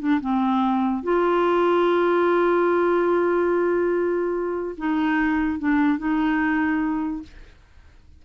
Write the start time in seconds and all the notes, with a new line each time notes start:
0.00 D4
0.21 C4
1.03 F4
4.78 D#4
5.59 D4
5.99 D#4